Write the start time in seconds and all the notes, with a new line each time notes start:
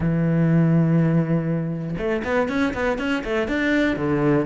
0.00 E3
1.97 A3
2.24 B3
2.48 C#4
2.73 B3
2.98 C#4
3.24 A3
3.47 D4
3.96 D3